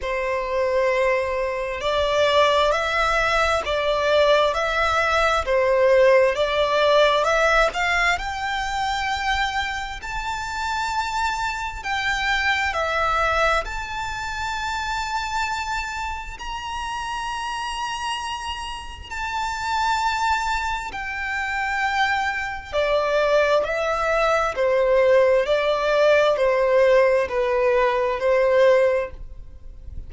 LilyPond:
\new Staff \with { instrumentName = "violin" } { \time 4/4 \tempo 4 = 66 c''2 d''4 e''4 | d''4 e''4 c''4 d''4 | e''8 f''8 g''2 a''4~ | a''4 g''4 e''4 a''4~ |
a''2 ais''2~ | ais''4 a''2 g''4~ | g''4 d''4 e''4 c''4 | d''4 c''4 b'4 c''4 | }